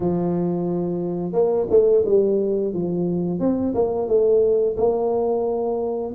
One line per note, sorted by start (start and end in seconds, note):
0.00 1.32 F3
1.32 1.66 A#3
1.70 2.04 A3
2.05 2.73 G3
2.73 3.39 F3
3.39 3.73 C4
3.74 4.08 A#3
4.08 4.76 A3
4.76 6.13 A#3